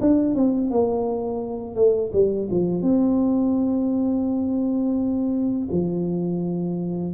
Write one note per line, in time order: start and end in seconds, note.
0.00 0.35 D4
0.35 0.70 C4
0.70 1.75 A#3
1.75 2.11 A3
2.12 2.48 G3
2.50 2.82 F3
2.82 5.68 C4
5.71 7.14 F3